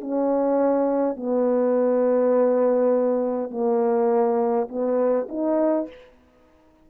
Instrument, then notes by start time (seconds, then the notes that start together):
horn
0.00 C#4
1.16 B3
3.50 A#3
4.68 B3
5.28 D#4